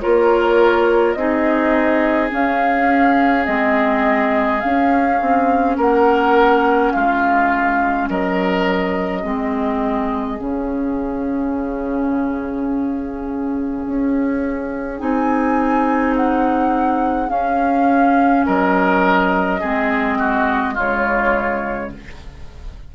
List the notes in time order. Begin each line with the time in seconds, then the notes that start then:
0.00 A#3 F4 A#4 C#5
1.13 C4 D#4 G#4 D#5
2.30 C#4 F5
3.44 G#3 C4 D#5
4.60 C#4 F5
5.21 C4
5.77 A#3 A#4 F#5
6.93 G#3 F4 F5
8.09 F#3 A#4 D#5
9.22 G#3 C4 G#4
10.38 C#3 C#4 F5
13.87 C#4
14.99 C4 D#4 G#5
16.16 F#5
17.29 C#4 F5
18.46 F#3 A#4 D#5
19.60 G#3 C4 G#4
20.19 F#4
20.74 C#3 G#3 F4 C#5